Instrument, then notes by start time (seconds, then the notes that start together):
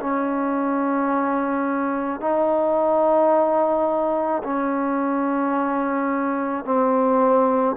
trombone
0.00 C#4
2.20 D#4
4.43 C#4
6.65 C4